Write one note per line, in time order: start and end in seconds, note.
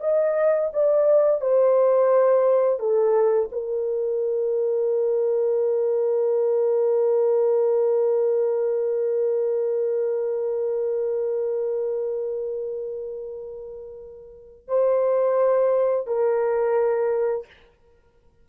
0.00 0.70 D#5
0.73 1.41 D5
1.41 2.79 C5
2.79 3.49 A4
3.51 14.68 A#4
14.68 16.07 C5
16.07 17.46 A#4